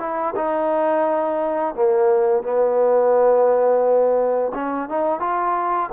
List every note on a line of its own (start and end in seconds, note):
0.00 0.35 E4
0.36 1.75 D#4
1.75 2.44 A#3
2.44 4.53 B3
4.55 4.90 C#4
4.90 5.20 D#4
5.20 5.90 F4